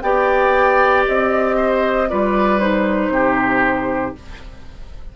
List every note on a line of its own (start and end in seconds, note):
0.00 1.06 B3
0.00 2.08 G4
0.00 1.56 D5
0.00 1.03 G5
1.06 2.11 C4
1.06 2.09 D#5
1.56 2.08 C5
2.08 3.08 G3
2.08 2.59 F4
2.08 3.12 B4
2.08 2.59 D5
2.59 4.14 D#4
2.59 4.14 C5
3.08 4.12 C3
3.08 4.16 G4